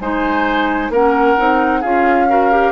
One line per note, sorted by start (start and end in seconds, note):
0.00 0.89 G#3
0.00 0.92 D#4
0.00 0.92 C5
0.00 0.91 G#5
0.89 1.35 A#3
0.89 1.37 C#4
0.89 1.80 A#4
0.89 1.82 F#5
1.37 1.83 C4
1.37 1.82 D#4
1.80 2.72 C#4
1.80 2.28 F4
1.80 2.26 G#4
1.80 2.72 F5
2.28 2.51 F#4
2.28 2.72 A#4
2.51 2.72 G4